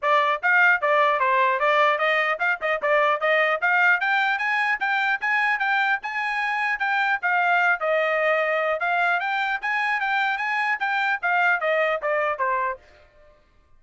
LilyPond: \new Staff \with { instrumentName = "trumpet" } { \time 4/4 \tempo 4 = 150 d''4 f''4 d''4 c''4 | d''4 dis''4 f''8 dis''8 d''4 | dis''4 f''4 g''4 gis''4 | g''4 gis''4 g''4 gis''4~ |
gis''4 g''4 f''4. dis''8~ | dis''2 f''4 g''4 | gis''4 g''4 gis''4 g''4 | f''4 dis''4 d''4 c''4 | }